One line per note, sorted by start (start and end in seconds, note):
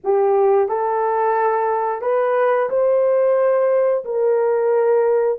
0.04 0.68 G4
0.68 2.01 A4
2.01 2.69 B4
2.69 4.04 C5
4.04 5.39 A#4